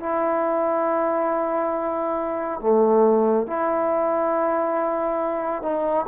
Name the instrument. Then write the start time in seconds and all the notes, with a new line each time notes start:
trombone
0.00 E4
2.60 A3
3.47 E4
5.63 D#4